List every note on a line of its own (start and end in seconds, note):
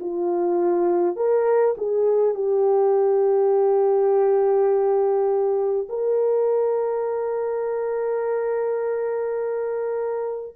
0.00 1.16 F4
1.16 1.75 A#4
1.78 2.35 G#4
2.35 5.88 G4
5.89 10.56 A#4